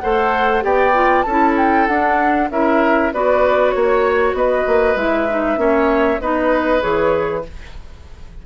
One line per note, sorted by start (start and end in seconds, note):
0.00 0.64 A3
0.00 0.61 A4
0.00 0.64 C5
0.00 0.62 F#5
0.61 1.25 B3
0.61 0.92 G4
0.61 1.25 D5
0.61 1.22 G5
0.93 1.24 F4
1.22 1.88 C#4
1.22 2.49 A4
1.22 1.53 A5
1.30 1.90 E4
1.57 1.87 G5
1.87 2.50 D4
1.87 2.51 D4
1.87 2.49 F#5
2.50 3.12 C#4
2.50 3.13 E4
2.50 3.13 A#4
2.50 3.13 E5
3.13 3.75 B3
3.13 4.97 F#4
3.13 3.75 B4
3.13 3.70 D5
3.70 4.33 A#3
3.70 4.32 C#5
3.70 4.36 C#5
4.33 4.64 B3
4.33 5.60 B4
4.33 4.97 D#5
4.67 4.95 A#3
4.95 5.57 G#3
4.95 5.28 E4
4.95 6.20 E5
5.29 5.56 D#4
5.56 6.19 A#3
5.56 6.18 C#4
5.56 6.21 C#5
6.20 6.82 B3
6.20 6.80 D#4
6.20 7.45 B4
6.20 6.81 D#5
6.80 7.46 E3
6.80 7.42 G#4
6.80 7.43 C#5